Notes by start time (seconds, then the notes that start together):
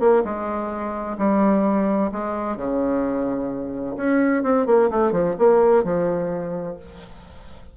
0.00 A#3
0.25 G#3
1.18 G3
2.12 G#3
2.57 C#3
3.97 C#4
4.43 C4
4.67 A#3
4.90 A3
5.12 F3
5.39 A#3
5.84 F3